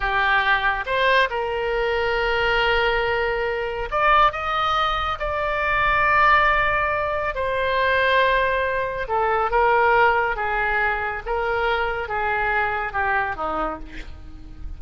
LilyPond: \new Staff \with { instrumentName = "oboe" } { \time 4/4 \tempo 4 = 139 g'2 c''4 ais'4~ | ais'1~ | ais'4 d''4 dis''2 | d''1~ |
d''4 c''2.~ | c''4 a'4 ais'2 | gis'2 ais'2 | gis'2 g'4 dis'4 | }